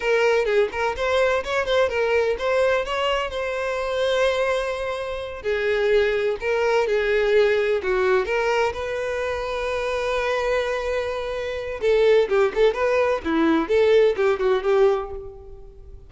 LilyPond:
\new Staff \with { instrumentName = "violin" } { \time 4/4 \tempo 4 = 127 ais'4 gis'8 ais'8 c''4 cis''8 c''8 | ais'4 c''4 cis''4 c''4~ | c''2.~ c''8 gis'8~ | gis'4. ais'4 gis'4.~ |
gis'8 fis'4 ais'4 b'4.~ | b'1~ | b'4 a'4 g'8 a'8 b'4 | e'4 a'4 g'8 fis'8 g'4 | }